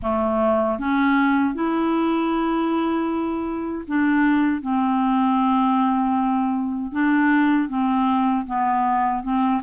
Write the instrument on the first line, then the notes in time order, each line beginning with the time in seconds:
clarinet
0.02 A3
0.78 C#4
1.54 E4
3.87 D4
4.62 C4
6.92 D4
7.69 C4
8.46 B3
9.23 C4